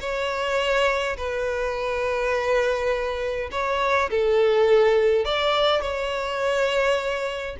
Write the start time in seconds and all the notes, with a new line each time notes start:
0.00 C#5
1.17 B4
3.51 C#5
4.10 A4
5.25 D5
5.81 C#5